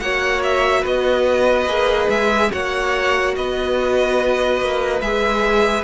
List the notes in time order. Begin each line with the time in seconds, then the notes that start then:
0.00 A#3 F#4 C#5 F#5
0.43 E5
0.82 B3 B4 D#5
1.66 A#3 G#4
2.09 G#3 E5
2.50 A#3 F#4 C#5 F#5
3.36 B3 B4 D#5
4.61 A#3
5.01 G#3 G#4 E5